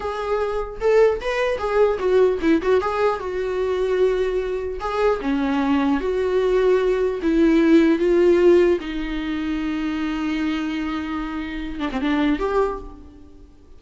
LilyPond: \new Staff \with { instrumentName = "viola" } { \time 4/4 \tempo 4 = 150 gis'2 a'4 b'4 | gis'4 fis'4 e'8 fis'8 gis'4 | fis'1 | gis'4 cis'2 fis'4~ |
fis'2 e'2 | f'2 dis'2~ | dis'1~ | dis'4. d'16 c'16 d'4 g'4 | }